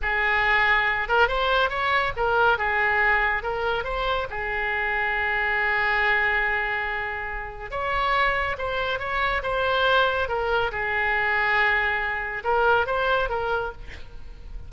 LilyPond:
\new Staff \with { instrumentName = "oboe" } { \time 4/4 \tempo 4 = 140 gis'2~ gis'8 ais'8 c''4 | cis''4 ais'4 gis'2 | ais'4 c''4 gis'2~ | gis'1~ |
gis'2 cis''2 | c''4 cis''4 c''2 | ais'4 gis'2.~ | gis'4 ais'4 c''4 ais'4 | }